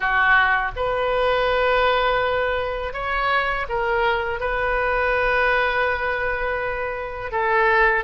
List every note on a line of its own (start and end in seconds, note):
0.00 0.72 F#4
0.75 2.93 B4
2.93 3.66 C#5
3.69 4.39 A#4
4.39 7.31 B4
7.31 8.04 A4